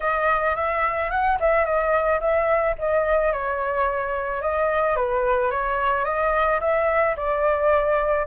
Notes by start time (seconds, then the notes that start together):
0.00 D#5
0.55 E5
1.10 F#5
1.40 E5
1.65 D#5
2.20 E5
2.78 D#5
3.32 C#5
4.41 D#5
4.95 B4
5.50 C#5
6.05 D#5
6.60 E5
7.16 D5